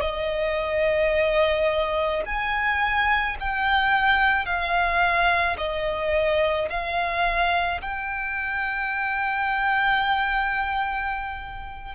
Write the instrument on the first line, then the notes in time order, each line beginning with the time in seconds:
violin
0.00 D#5
2.25 G#5
3.39 G5
4.45 F5
5.57 D#5
6.69 F5
7.81 G5